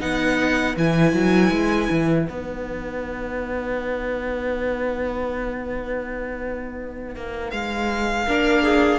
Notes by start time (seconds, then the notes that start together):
0.00 B3 D#4 B4 F#5
0.77 E3 E4 G#5
1.13 F#3
1.51 G#3
1.91 E3
2.26 B3 D#4 F#5
7.16 A#3
7.51 G#3 F5
8.27 A#3 D4 A#4
8.63 G#4